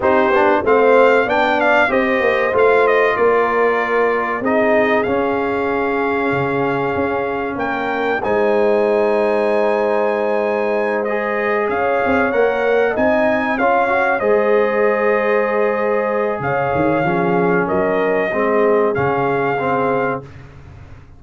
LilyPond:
<<
  \new Staff \with { instrumentName = "trumpet" } { \time 4/4 \tempo 4 = 95 c''4 f''4 g''8 f''8 dis''4 | f''8 dis''8 d''2 dis''4 | f''1 | g''4 gis''2.~ |
gis''4. dis''4 f''4 fis''8~ | fis''8 gis''4 f''4 dis''4.~ | dis''2 f''2 | dis''2 f''2 | }
  \new Staff \with { instrumentName = "horn" } { \time 4/4 g'4 c''4 d''4 c''4~ | c''4 ais'2 gis'4~ | gis'1 | ais'4 c''2.~ |
c''2~ c''8 cis''4.~ | cis''8 dis''4 cis''4 c''4.~ | c''2 cis''4 gis'4 | ais'4 gis'2. | }
  \new Staff \with { instrumentName = "trombone" } { \time 4/4 dis'8 d'8 c'4 d'4 g'4 | f'2. dis'4 | cis'1~ | cis'4 dis'2.~ |
dis'4. gis'2 ais'8~ | ais'8 dis'4 f'8 fis'8 gis'4.~ | gis'2. cis'4~ | cis'4 c'4 cis'4 c'4 | }
  \new Staff \with { instrumentName = "tuba" } { \time 4/4 c'8 b8 a4 b4 c'8 ais8 | a4 ais2 c'4 | cis'2 cis4 cis'4 | ais4 gis2.~ |
gis2~ gis8 cis'8 c'8 ais8~ | ais8 c'4 cis'4 gis4.~ | gis2 cis8 dis8 f4 | fis4 gis4 cis2 | }
>>